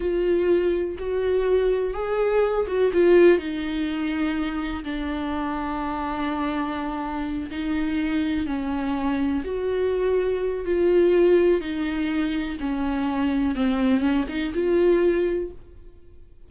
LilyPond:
\new Staff \with { instrumentName = "viola" } { \time 4/4 \tempo 4 = 124 f'2 fis'2 | gis'4. fis'8 f'4 dis'4~ | dis'2 d'2~ | d'2.~ d'8 dis'8~ |
dis'4. cis'2 fis'8~ | fis'2 f'2 | dis'2 cis'2 | c'4 cis'8 dis'8 f'2 | }